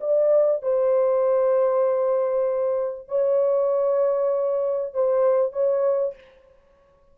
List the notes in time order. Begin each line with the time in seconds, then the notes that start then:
0.00 D5
0.62 C5
3.08 C#5
4.93 C5
5.52 C#5